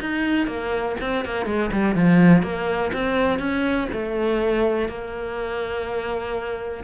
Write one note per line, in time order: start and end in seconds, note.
0.00 0.47 D#4
0.47 0.96 A#3
1.00 1.25 C4
1.25 1.46 A#3
1.46 1.70 G#3
1.72 1.95 G3
1.95 2.43 F3
2.43 2.91 A#3
2.93 3.39 C4
3.39 3.88 C#4
3.92 4.88 A3
4.88 6.84 A#3